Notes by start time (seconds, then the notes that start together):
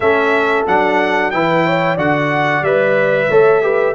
0.00 A3 C#4 A4 E5
0.66 F#3 D4 F#5
1.30 E3 E4 B4 G5
1.66 C#5
1.94 D3 F#4 D5 F#5
2.62 G3 B4 E5
3.29 A3 A4 C#5
3.62 G4 B4